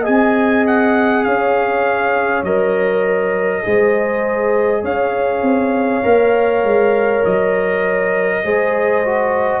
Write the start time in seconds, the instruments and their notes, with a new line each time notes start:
0.00 trombone G#4, horn D#5, trumpet G#5
0.07 tuba C4
0.66 trumpet F#5
1.23 tuba C#4, horn C#5, trumpet F5
2.42 tuba F#3, trombone A#4, trumpet D#5
3.63 tuba G#3, trombone G#4, horn C5
4.82 tuba C#4, horn C#5, trumpet F5
5.42 tuba C4
6.03 tuba A#3, trombone A#4
6.63 tuba G#3
7.24 tuba F#3, trumpet D#5
8.43 tuba G#3, trombone G#4, horn C5
9.04 trombone F#4